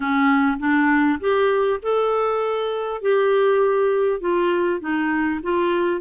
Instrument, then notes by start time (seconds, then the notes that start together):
clarinet
0.00 C#4
0.59 D4
1.19 G4
1.82 A4
3.01 G4
4.20 F4
4.80 D#4
5.42 F4